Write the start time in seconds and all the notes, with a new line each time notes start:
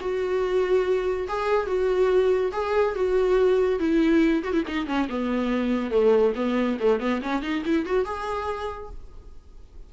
0.00 F#4
1.28 G#4
1.66 F#4
2.52 G#4
2.95 F#4
3.79 E4
4.43 F#4
4.53 E4
4.67 D#4
4.86 C#4
5.09 B3
5.90 A3
6.35 B3
6.79 A3
7.00 B3
7.22 C#4
7.42 D#4
7.65 E4
7.85 F#4
8.05 G#4